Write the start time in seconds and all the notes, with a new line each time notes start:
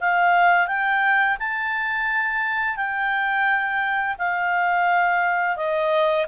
0.00 F5
0.67 G5
1.39 A5
2.76 G5
4.18 F5
5.56 D#5